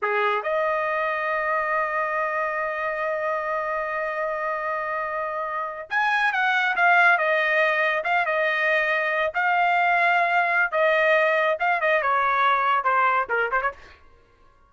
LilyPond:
\new Staff \with { instrumentName = "trumpet" } { \time 4/4 \tempo 4 = 140 gis'4 dis''2.~ | dis''1~ | dis''1~ | dis''4.~ dis''16 gis''4 fis''4 f''16~ |
f''8. dis''2 f''8 dis''8.~ | dis''4.~ dis''16 f''2~ f''16~ | f''4 dis''2 f''8 dis''8 | cis''2 c''4 ais'8 c''16 cis''16 | }